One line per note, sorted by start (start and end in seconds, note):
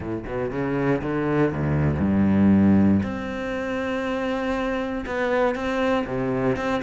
0.00 0.24 A2
0.26 0.50 B2
0.50 1.01 C#3
1.01 1.51 D3
1.51 2.00 D2
2.00 3.01 G2
3.03 5.04 C4
5.06 5.55 B3
5.55 6.05 C4
6.06 6.56 C3
6.56 6.81 C4